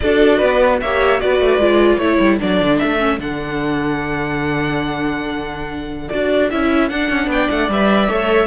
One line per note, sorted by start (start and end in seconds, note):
0.00 0.42 D4
0.00 0.82 F#4
0.00 0.37 A4
0.00 0.79 D5
0.37 0.81 B3
0.37 0.77 B4
0.80 1.21 A#3
0.80 1.20 G4
0.80 1.21 C#5
0.80 1.20 E5
1.20 1.39 B3
1.20 1.60 F#4
1.20 2.02 B4
1.20 1.97 D5
1.39 1.57 A3
1.57 1.97 G#3
1.57 2.00 F4
1.97 2.18 A3
1.97 2.39 E4
1.97 7.32 A4
1.97 2.37 C#5
2.19 2.39 G3
2.39 2.61 F#3
2.39 2.98 D4
2.39 2.78 D5
2.61 2.81 D3
2.78 3.18 A3
2.78 3.18 E5
2.98 3.18 C#4
3.18 6.08 D3
3.18 6.09 D4
3.18 6.08 F#5
6.08 6.52 D4
6.08 6.49 F#4
6.08 6.48 D5
6.50 6.91 C#4
6.50 6.91 E4
6.50 6.89 E5
6.89 7.09 D4
6.89 7.70 D4
6.89 7.29 F#5
7.09 7.26 C#4
7.26 7.46 B3
7.26 8.09 D5
7.26 7.50 G5
7.50 7.68 A3
7.50 7.70 F#5
7.68 8.08 G3
7.68 8.08 B4
7.68 8.47 E5
8.08 8.47 A3
8.08 8.47 A4
8.08 8.47 C#5